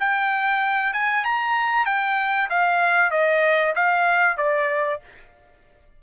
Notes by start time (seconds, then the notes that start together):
0.00 G5
0.94 G#5
1.25 A#5
1.86 G5
2.50 F5
3.11 D#5
3.76 F5
4.38 D5